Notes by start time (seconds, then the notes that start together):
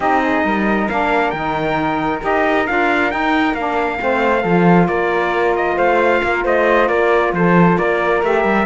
0.00 C4 D#4 G4 D#5
0.22 G#4
0.44 G3 A#4
0.89 A#3 D4 F5
1.30 D#3 D#4 G5
2.20 D#4 G4 D#5
2.66 D4 F4 F5
3.10 D#4 G5
3.54 A#3 D4 F5
3.98 A3 C4 C5
4.41 F3 F4 A4
4.87 A#3 A#4 D5
5.56 D#5
5.76 A3 C5 F5
6.23 A#3 A#4
6.44 A3 C5 D#5
6.88 A#3 A#4 D5
7.32 F3 A4 C5
7.77 A#3 A#4 D5
8.22 A3 G4 E5
8.44 G3